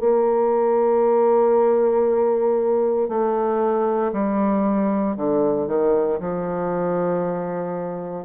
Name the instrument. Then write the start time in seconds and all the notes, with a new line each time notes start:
bassoon
0.00 A#3
3.09 A3
4.13 G3
5.17 D3
5.68 D#3
6.20 F3